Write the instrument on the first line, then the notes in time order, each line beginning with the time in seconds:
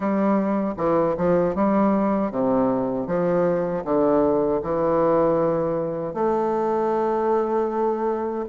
bassoon
0.00 G3
0.77 E3
1.17 F3
1.55 G3
2.31 C3
3.06 F3
3.84 D3
4.62 E3
6.14 A3